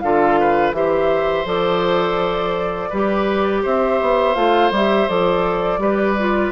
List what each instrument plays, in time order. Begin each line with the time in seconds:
0.00 bassoon D3, clarinet F4, oboe A4, flute F5
0.39 oboe B4
0.72 bassoon E3, clarinet G4, oboe C5, flute E5
1.45 bassoon F3, clarinet A4, flute D5
2.89 bassoon G3, clarinet G4, oboe B4
3.62 bassoon C4, oboe C5, flute E5
4.01 bassoon B3
4.34 bassoon A3, clarinet F4, flute F5
4.71 bassoon G3, clarinet G4, flute E5
5.08 bassoon F3, clarinet A4, flute D5
5.78 bassoon G3, clarinet G4, oboe B4
6.19 clarinet F4